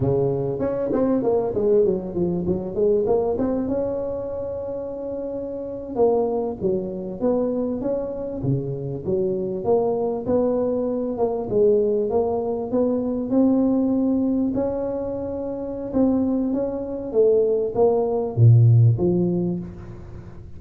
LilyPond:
\new Staff \with { instrumentName = "tuba" } { \time 4/4 \tempo 4 = 98 cis4 cis'8 c'8 ais8 gis8 fis8 f8 | fis8 gis8 ais8 c'8 cis'2~ | cis'4.~ cis'16 ais4 fis4 b16~ | b8. cis'4 cis4 fis4 ais16~ |
ais8. b4. ais8 gis4 ais16~ | ais8. b4 c'2 cis'16~ | cis'2 c'4 cis'4 | a4 ais4 ais,4 f4 | }